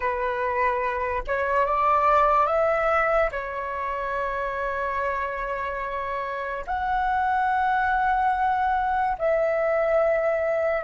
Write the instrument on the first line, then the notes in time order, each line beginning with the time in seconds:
flute
0.00 B4
1.27 C#5
1.66 D5
2.46 E5
3.31 C#5
6.66 F#5
9.18 E5